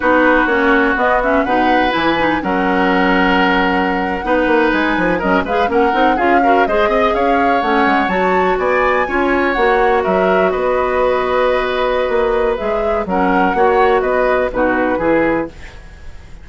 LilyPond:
<<
  \new Staff \with { instrumentName = "flute" } { \time 4/4 \tempo 4 = 124 b'4 cis''4 dis''8 e''8 fis''4 | gis''4 fis''2.~ | fis''4.~ fis''16 gis''4 dis''8 f''8 fis''16~ | fis''8. f''4 dis''4 f''4 fis''16~ |
fis''8. a''4 gis''2 fis''16~ | fis''8. e''4 dis''2~ dis''16~ | dis''2 e''4 fis''4~ | fis''4 dis''4 b'2 | }
  \new Staff \with { instrumentName = "oboe" } { \time 4/4 fis'2. b'4~ | b'4 ais'2.~ | ais'8. b'2 ais'8 b'8 ais'16~ | ais'8. gis'8 ais'8 c''8 dis''8 cis''4~ cis''16~ |
cis''4.~ cis''16 d''4 cis''4~ cis''16~ | cis''8. ais'4 b'2~ b'16~ | b'2. ais'4 | cis''4 b'4 fis'4 gis'4 | }
  \new Staff \with { instrumentName = "clarinet" } { \time 4/4 dis'4 cis'4 b8 cis'8 dis'4 | e'8 dis'8 cis'2.~ | cis'8. dis'2 cis'8 gis'8 cis'16~ | cis'16 dis'8 f'8 fis'8 gis'2 cis'16~ |
cis'8. fis'2 f'4 fis'16~ | fis'1~ | fis'2 gis'4 cis'4 | fis'2 dis'4 e'4 | }
  \new Staff \with { instrumentName = "bassoon" } { \time 4/4 b4 ais4 b4 b,4 | e4 fis2.~ | fis8. b8 ais8 gis8 f8 fis8 gis8 ais16~ | ais16 c'8 cis'4 gis8 c'8 cis'4 a16~ |
a16 gis8 fis4 b4 cis'4 ais16~ | ais8. fis4 b2~ b16~ | b4 ais4 gis4 fis4 | ais4 b4 b,4 e4 | }
>>